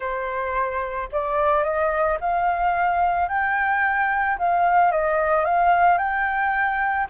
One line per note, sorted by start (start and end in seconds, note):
0.00 1.09 C5
1.12 1.63 D5
1.63 2.18 D#5
2.20 3.28 F5
3.28 4.37 G5
4.38 4.91 F5
4.91 5.44 D#5
5.44 5.98 F5
5.98 7.07 G5